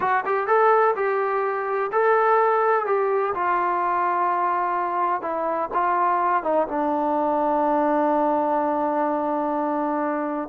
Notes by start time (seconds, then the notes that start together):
0.00 F#4
0.25 G4
0.47 A4
0.95 G4
1.92 A4
2.86 G4
3.34 F4
5.21 E4
5.73 F4
6.43 D#4
6.67 D4